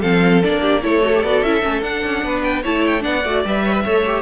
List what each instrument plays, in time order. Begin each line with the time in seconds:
0.00 cello F3, viola C4, violin A4 F5
0.42 cello A#3, viola D4, violin D5
0.61 violin G4
0.82 cello A3, viola E4, violin A4 C#5
1.03 viola F#4
1.15 viola G4
1.23 cello B3, viola F#4, violin D5
1.41 cello C#4, viola E4, violin E5
1.62 cello A3, viola C#4
1.81 cello D4, viola D4, violin F#5
2.05 cello C#4
2.24 cello B3, violin B4
2.43 violin G5
2.62 cello A3, viola E4, violin C#5 A5
2.86 violin G5
3.00 cello B3, viola D4, violin D5 F#5
3.24 cello A3, viola F#4
3.45 cello G3, viola B4, violin E5
3.64 violin C#5
3.73 violin B4
3.84 cello A3, viola A4, violin C#5
4.06 viola G4